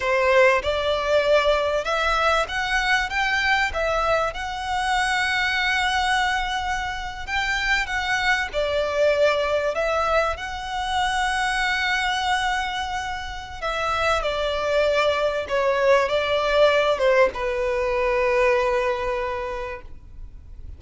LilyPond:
\new Staff \with { instrumentName = "violin" } { \time 4/4 \tempo 4 = 97 c''4 d''2 e''4 | fis''4 g''4 e''4 fis''4~ | fis''2.~ fis''8. g''16~ | g''8. fis''4 d''2 e''16~ |
e''8. fis''2.~ fis''16~ | fis''2 e''4 d''4~ | d''4 cis''4 d''4. c''8 | b'1 | }